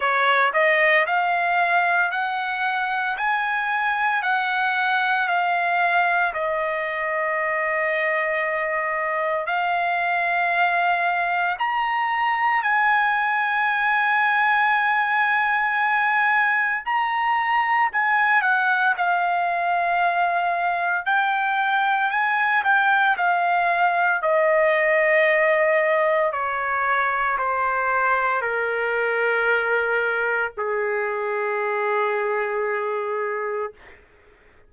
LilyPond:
\new Staff \with { instrumentName = "trumpet" } { \time 4/4 \tempo 4 = 57 cis''8 dis''8 f''4 fis''4 gis''4 | fis''4 f''4 dis''2~ | dis''4 f''2 ais''4 | gis''1 |
ais''4 gis''8 fis''8 f''2 | g''4 gis''8 g''8 f''4 dis''4~ | dis''4 cis''4 c''4 ais'4~ | ais'4 gis'2. | }